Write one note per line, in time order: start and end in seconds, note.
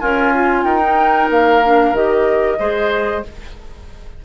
0.00 0.64 C#4
0.00 0.65 F4
0.00 0.33 A#4
0.00 0.64 G#5
0.35 0.82 F4
0.64 1.28 D#4
0.64 2.59 A#4
0.64 1.28 G5
0.82 1.62 D#4
1.30 1.93 A#3
1.30 1.96 F5
1.63 1.95 D4
1.93 2.57 D#3
1.93 2.58 G4
1.93 3.25 D#5
2.58 3.24 G#3
2.58 3.23 G#4
2.58 3.24 C5